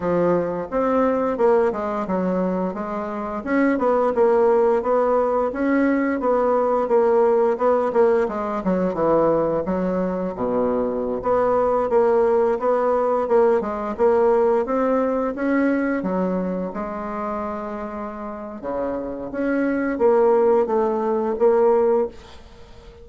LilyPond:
\new Staff \with { instrumentName = "bassoon" } { \time 4/4 \tempo 4 = 87 f4 c'4 ais8 gis8 fis4 | gis4 cis'8 b8 ais4 b4 | cis'4 b4 ais4 b8 ais8 | gis8 fis8 e4 fis4 b,4~ |
b,16 b4 ais4 b4 ais8 gis16~ | gis16 ais4 c'4 cis'4 fis8.~ | fis16 gis2~ gis8. cis4 | cis'4 ais4 a4 ais4 | }